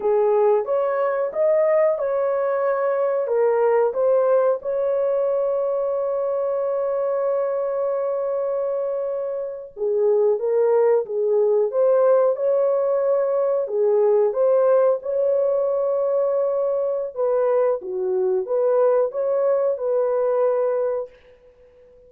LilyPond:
\new Staff \with { instrumentName = "horn" } { \time 4/4 \tempo 4 = 91 gis'4 cis''4 dis''4 cis''4~ | cis''4 ais'4 c''4 cis''4~ | cis''1~ | cis''2~ cis''8. gis'4 ais'16~ |
ais'8. gis'4 c''4 cis''4~ cis''16~ | cis''8. gis'4 c''4 cis''4~ cis''16~ | cis''2 b'4 fis'4 | b'4 cis''4 b'2 | }